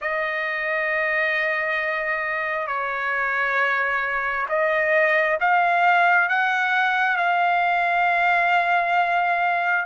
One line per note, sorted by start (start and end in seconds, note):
0.01 2.67 D#5
2.67 4.46 C#5
4.48 5.38 D#5
5.40 6.28 F5
6.28 7.16 F#5
7.16 9.85 F5